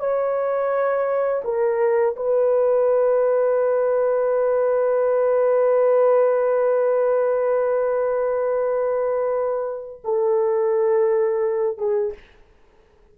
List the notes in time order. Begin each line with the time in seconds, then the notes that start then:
0.00 C#5
1.44 A#4
2.17 B4
10.05 A4
11.78 G#4